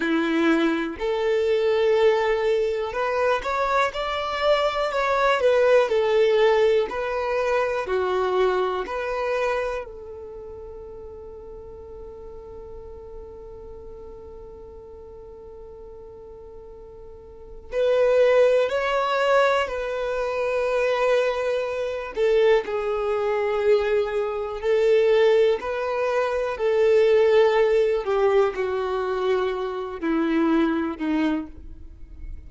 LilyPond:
\new Staff \with { instrumentName = "violin" } { \time 4/4 \tempo 4 = 61 e'4 a'2 b'8 cis''8 | d''4 cis''8 b'8 a'4 b'4 | fis'4 b'4 a'2~ | a'1~ |
a'2 b'4 cis''4 | b'2~ b'8 a'8 gis'4~ | gis'4 a'4 b'4 a'4~ | a'8 g'8 fis'4. e'4 dis'8 | }